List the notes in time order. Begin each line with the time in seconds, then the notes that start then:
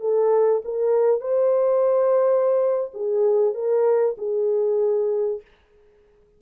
0.00 A4
0.64 A#4
1.20 C5
2.93 G#4
3.54 A#4
4.17 G#4